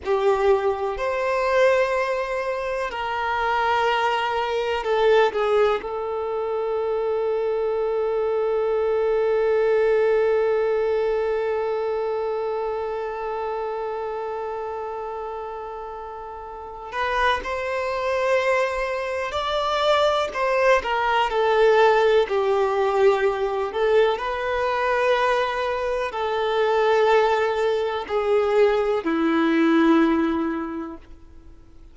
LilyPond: \new Staff \with { instrumentName = "violin" } { \time 4/4 \tempo 4 = 62 g'4 c''2 ais'4~ | ais'4 a'8 gis'8 a'2~ | a'1~ | a'1~ |
a'4. b'8 c''2 | d''4 c''8 ais'8 a'4 g'4~ | g'8 a'8 b'2 a'4~ | a'4 gis'4 e'2 | }